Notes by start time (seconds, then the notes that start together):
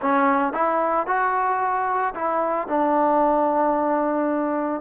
0.01 C#4
0.53 E4
1.07 F#4
2.14 E4
2.67 D4